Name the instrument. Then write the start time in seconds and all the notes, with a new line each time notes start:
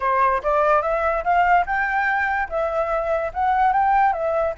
flute
0.00 C5
0.43 D5
0.82 E5
1.23 F5
1.66 G5
2.49 E5
3.33 F#5
3.72 G5
4.12 E5